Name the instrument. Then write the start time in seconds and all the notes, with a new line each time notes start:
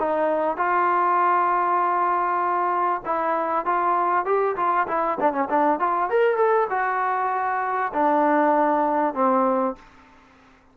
trombone
0.00 D#4
0.58 F4
3.06 E4
3.66 F4
4.26 G4
4.57 F4
4.88 E4
5.21 D4
5.33 C#4
5.50 D4
5.80 F4
6.10 A#4
6.37 A4
6.70 F#4
7.94 D4
9.14 C4